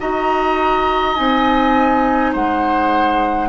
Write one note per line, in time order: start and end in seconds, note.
0.00 1.18 D#4
0.00 1.15 F#4
0.00 2.33 D#5
0.00 1.16 A#5
1.15 2.35 C4
1.15 3.49 D#4
1.15 2.34 G#5
2.33 3.49 G#3
2.33 3.49 C5
2.33 3.49 F#5